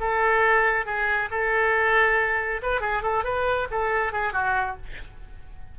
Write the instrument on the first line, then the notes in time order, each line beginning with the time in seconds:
oboe
0.00 A4
0.85 G#4
1.31 A4
2.62 B4
2.80 G#4
3.02 A4
3.24 B4
3.70 A4
4.12 G#4
4.33 F#4